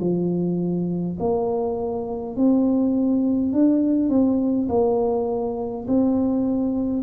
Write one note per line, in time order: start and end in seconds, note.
0.00 1.18 F3
1.20 2.36 A#3
2.36 3.53 C4
3.53 4.10 D4
4.10 4.68 C4
4.69 5.87 A#3
5.88 7.03 C4